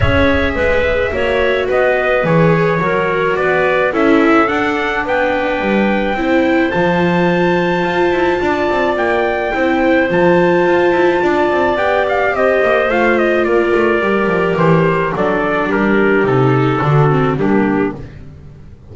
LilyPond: <<
  \new Staff \with { instrumentName = "trumpet" } { \time 4/4 \tempo 4 = 107 e''2. dis''4 | cis''2 d''4 e''4 | fis''4 g''2. | a''1 |
g''2 a''2~ | a''4 g''8 f''8 dis''4 f''8 dis''8 | d''2 c''4 d''4 | ais'4 a'2 g'4 | }
  \new Staff \with { instrumentName = "clarinet" } { \time 4/4 cis''4 b'4 cis''4 b'4~ | b'4 ais'4 b'4 a'4~ | a'4 b'2 c''4~ | c''2. d''4~ |
d''4 c''2. | d''2 c''2 | ais'2. a'4 | g'2 fis'4 d'4 | }
  \new Staff \with { instrumentName = "viola" } { \time 4/4 gis'2 fis'2 | gis'4 fis'2 e'4 | d'2. e'4 | f'1~ |
f'4 e'4 f'2~ | f'4 g'2 f'4~ | f'4 g'2 d'4~ | d'4 dis'4 d'8 c'8 ais4 | }
  \new Staff \with { instrumentName = "double bass" } { \time 4/4 cis'4 gis4 ais4 b4 | e4 fis4 b4 cis'4 | d'4 b4 g4 c'4 | f2 f'8 e'8 d'8 c'8 |
ais4 c'4 f4 f'8 e'8 | d'8 c'8 b4 c'8 ais8 a4 | ais8 a8 g8 f8 e4 fis4 | g4 c4 d4 g4 | }
>>